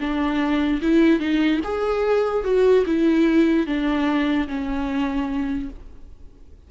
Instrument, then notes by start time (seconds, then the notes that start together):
viola
0.00 D4
0.82 E4
1.20 D#4
1.64 G#4
2.44 F#4
2.86 E4
3.67 D4
4.48 C#4